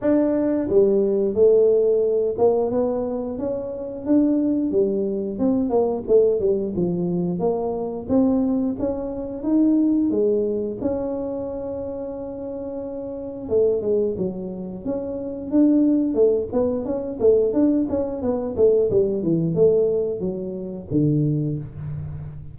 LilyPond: \new Staff \with { instrumentName = "tuba" } { \time 4/4 \tempo 4 = 89 d'4 g4 a4. ais8 | b4 cis'4 d'4 g4 | c'8 ais8 a8 g8 f4 ais4 | c'4 cis'4 dis'4 gis4 |
cis'1 | a8 gis8 fis4 cis'4 d'4 | a8 b8 cis'8 a8 d'8 cis'8 b8 a8 | g8 e8 a4 fis4 d4 | }